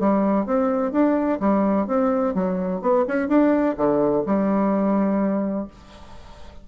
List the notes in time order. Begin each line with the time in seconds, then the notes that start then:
0.00 G3
0.46 C4
0.92 D4
1.40 G3
1.87 C4
2.35 F#3
2.82 B3
3.08 C#4
3.29 D4
3.77 D3
4.26 G3